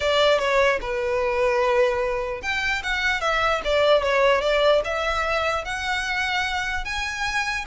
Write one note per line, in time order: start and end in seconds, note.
0.00 0.38 D5
0.38 0.79 C#5
0.81 2.42 B4
2.42 2.82 G5
2.83 3.20 F#5
3.20 3.61 E5
3.64 4.02 D5
4.02 4.41 C#5
4.41 4.81 D5
4.84 5.64 E5
5.64 6.84 F#5
6.84 7.65 G#5